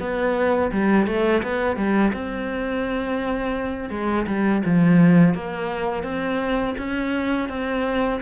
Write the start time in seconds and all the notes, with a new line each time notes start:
0.00 B3
0.72 G3
1.07 A3
1.43 B3
1.76 G3
2.13 C4
3.90 G#3
4.27 G3
4.65 F3
5.34 A#3
6.03 C4
6.78 C#4
7.49 C4